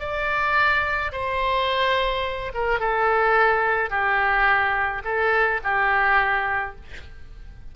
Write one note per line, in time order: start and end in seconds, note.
0.00 1.12 D5
1.12 2.53 C5
2.54 2.80 A#4
2.80 3.90 A4
3.90 5.03 G4
5.05 5.61 A4
5.64 6.76 G4